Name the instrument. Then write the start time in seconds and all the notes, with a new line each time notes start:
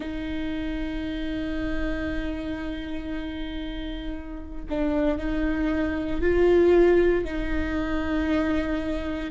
viola
0.00 D#4
4.69 D4
5.18 D#4
6.21 F4
7.24 D#4